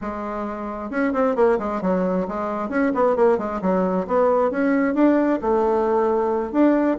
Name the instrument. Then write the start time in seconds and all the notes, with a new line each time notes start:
bassoon
0.01 G#3
0.90 C#4
1.13 C4
1.35 A#3
1.59 G#3
1.81 F#3
2.28 G#3
2.69 C#4
2.94 B3
3.16 A#3
3.38 G#3
3.61 F#3
4.07 B3
4.51 C#4
4.94 D4
5.41 A3
6.51 D4